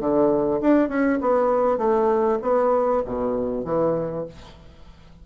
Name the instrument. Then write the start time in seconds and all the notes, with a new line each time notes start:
bassoon
0.00 D3
0.61 D4
0.89 C#4
1.21 B3
1.78 A3
2.42 B3
3.06 B2
3.65 E3